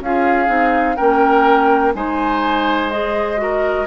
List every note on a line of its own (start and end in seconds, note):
0.00 0.48 C#4
0.00 0.46 F4
0.00 0.96 G#4
0.00 0.96 F5
0.46 0.97 C4
0.46 0.95 D#4
0.96 1.95 A#3
0.96 1.94 C#4
0.96 1.93 A#4
0.96 1.92 G5
1.94 3.87 G#3
1.94 2.91 D#4
1.94 3.41 C5
1.94 2.91 G#5
2.91 3.36 G#4
2.91 3.87 D#5
3.36 3.85 F#4
3.36 3.87 A#4